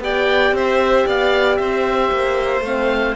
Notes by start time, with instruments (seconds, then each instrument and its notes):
0.00 cello B3, horn G4, violin D5, oboe G5
0.52 cello C4, violin C5, oboe E5
1.07 cello B3, violin D5, oboe F5
1.57 cello C4, violin C5, oboe E5
2.12 cello A#3
2.61 cello A3, horn C4, oboe F5